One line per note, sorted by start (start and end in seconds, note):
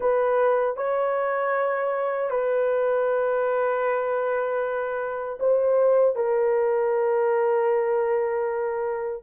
0.00 0.76 B4
0.76 2.30 C#5
2.30 5.38 B4
5.39 6.15 C5
6.15 9.23 A#4